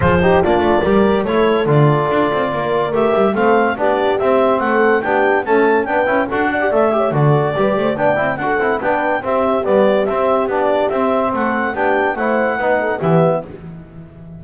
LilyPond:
<<
  \new Staff \with { instrumentName = "clarinet" } { \time 4/4 \tempo 4 = 143 c''4 d''2 cis''4 | d''2. e''4 | f''4 d''4 e''4 fis''4 | g''4 a''4 g''4 fis''4 |
e''4 d''2 g''4 | fis''4 g''4 e''4 d''4 | e''4 d''4 e''4 fis''4 | g''4 fis''2 e''4 | }
  \new Staff \with { instrumentName = "horn" } { \time 4/4 gis'8 g'8 f'4 ais'4 a'4~ | a'2 ais'2 | a'4 g'2 a'4 | g'4 a'4 b'4 a'8 d''8~ |
d''8 cis''8 a'4 b'8 c''8 d''4 | a'4 b'4 g'2~ | g'2. a'4 | g'4 c''4 b'8 a'8 g'4 | }
  \new Staff \with { instrumentName = "trombone" } { \time 4/4 f'8 dis'8 d'4 g'4 e'4 | f'2. g'4 | c'4 d'4 c'2 | d'4 a4 d'8 e'8 fis'8. g'16 |
a'8 g'8 fis'4 g'4 d'8 e'8 | fis'8 e'8 d'4 c'4 b4 | c'4 d'4 c'2 | d'4 e'4 dis'4 b4 | }
  \new Staff \with { instrumentName = "double bass" } { \time 4/4 f4 ais8 a8 g4 a4 | d4 d'8 c'8 ais4 a8 g8 | a4 b4 c'4 a4 | b4 cis'4 b8 cis'8 d'4 |
a4 d4 g8 a8 b8 c'8 | d'8 c'8 b4 c'4 g4 | c'4 b4 c'4 a4 | b4 a4 b4 e4 | }
>>